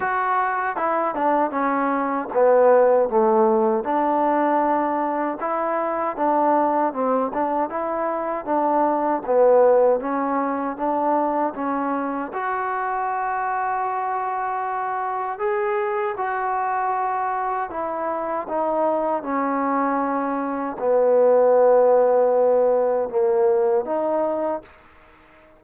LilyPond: \new Staff \with { instrumentName = "trombone" } { \time 4/4 \tempo 4 = 78 fis'4 e'8 d'8 cis'4 b4 | a4 d'2 e'4 | d'4 c'8 d'8 e'4 d'4 | b4 cis'4 d'4 cis'4 |
fis'1 | gis'4 fis'2 e'4 | dis'4 cis'2 b4~ | b2 ais4 dis'4 | }